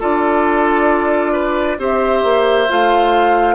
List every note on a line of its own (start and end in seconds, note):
0.00 1.79 D4
0.00 1.79 F4
0.00 1.33 A4
0.00 1.80 D5
1.33 1.77 B4
1.79 2.23 C4
1.79 2.68 G4
1.79 3.56 C5
1.79 2.71 E5
2.24 2.69 A#3
2.69 3.56 A3
2.69 3.56 F4
2.69 3.56 F5